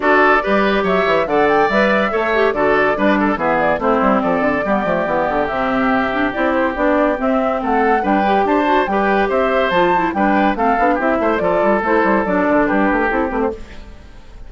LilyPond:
<<
  \new Staff \with { instrumentName = "flute" } { \time 4/4 \tempo 4 = 142 d''2 e''4 fis''8 g''8 | e''2 d''2 | e''8 d''8 c''4 d''2~ | d''4 e''2 d''8 c''8 |
d''4 e''4 fis''4 g''4 | a''4 g''4 e''4 a''4 | g''4 f''4 e''4 d''4 | c''4 d''4 b'4 a'8 b'16 c''16 | }
  \new Staff \with { instrumentName = "oboe" } { \time 4/4 a'4 b'4 cis''4 d''4~ | d''4 cis''4 a'4 b'8 a'8 | gis'4 e'4 a'4 g'4~ | g'1~ |
g'2 a'4 b'4 | c''4 b'4 c''2 | b'4 a'4 g'8 c''8 a'4~ | a'2 g'2 | }
  \new Staff \with { instrumentName = "clarinet" } { \time 4/4 fis'4 g'2 a'4 | b'4 a'8 g'8 fis'4 d'4 | b4 c'2 b8 a8 | b4 c'4. d'8 e'4 |
d'4 c'2 d'8 g'8~ | g'8 fis'8 g'2 f'8 e'8 | d'4 c'8 d'8 e'4 f'4 | e'4 d'2 e'8 c'8 | }
  \new Staff \with { instrumentName = "bassoon" } { \time 4/4 d'4 g4 fis8 e8 d4 | g4 a4 d4 g4 | e4 a8 g8 f8 d8 g8 f8 | e8 d8 c2 c'4 |
b4 c'4 a4 g4 | d'4 g4 c'4 f4 | g4 a8 b8 c'8 a8 f8 g8 | a8 g8 fis8 d8 g8 a8 c'8 a8 | }
>>